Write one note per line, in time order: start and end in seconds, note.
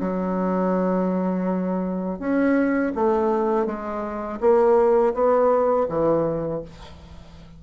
0.00 2.19 F#3
2.19 2.92 C#4
2.95 3.66 A3
3.66 4.39 G#3
4.40 5.13 A#3
5.14 5.87 B3
5.88 6.62 E3